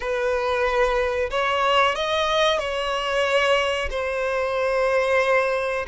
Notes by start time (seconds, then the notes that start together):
0.00 B4
1.30 C#5
1.95 D#5
2.58 C#5
3.90 C5